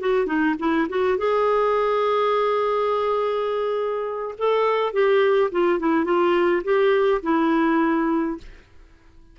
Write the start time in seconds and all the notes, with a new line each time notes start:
0.00 F#4
0.26 D#4
0.59 E4
0.89 F#4
1.17 G#4
4.38 A4
4.93 G4
5.51 F4
5.79 E4
6.04 F4
6.63 G4
7.22 E4